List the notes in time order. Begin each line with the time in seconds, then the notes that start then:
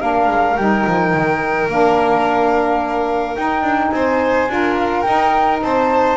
0.00 A#3 D4 A#4 F5
0.28 G#3
0.57 G3 D#4 G5
0.87 F3
1.14 D#3
1.68 A#3 D4 F5
3.36 D#4 G5
3.63 D4
3.91 C4 C5 G#5
4.48 D4 F4 A#4
4.79 F5
5.02 D#4 G5
5.62 C4 C5 A5